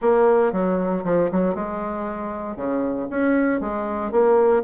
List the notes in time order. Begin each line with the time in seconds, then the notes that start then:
0.01 A#3
0.52 F#3
1.04 F3
1.31 F#3
1.55 G#3
2.56 C#3
3.10 C#4
3.60 G#3
4.11 A#3